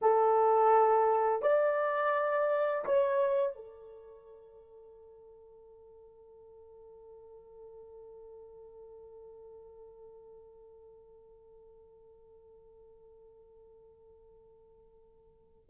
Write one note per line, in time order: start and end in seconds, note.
0.01 1.42 A4
1.42 2.84 D5
2.85 3.55 C#5
3.55 15.69 A4